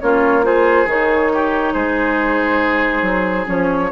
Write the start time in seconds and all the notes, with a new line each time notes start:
0.00 A#3 C#4 F4 C#5
0.43 F4 G#4 C5
0.85 D#3 D#4 C#5
1.33 G4
1.72 G#3 G#4 C5
3.01 F#3
3.45 F3 C#4 C#5